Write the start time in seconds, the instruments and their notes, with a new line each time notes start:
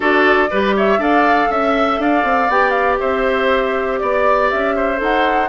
0.00 bassoon D4, clarinet F#4, oboe A4, flute D5
0.50 bassoon G3, clarinet G4, oboe B4
0.76 oboe C#5, flute E5
0.98 bassoon D4, clarinet A4, oboe D5, flute F5
1.50 bassoon C#4, oboe E5, flute E5
1.98 bassoon D4, oboe D5, flute F5
2.23 bassoon C4
2.48 bassoon B3, clarinet G4, flute G5
2.70 flute F5
2.99 bassoon C4, oboe C5, flute E5
3.98 bassoon B3, flute D5, oboe D5
4.50 bassoon C#4, flute E5
4.75 oboe C5
4.97 bassoon D#4, clarinet A4, flute F#5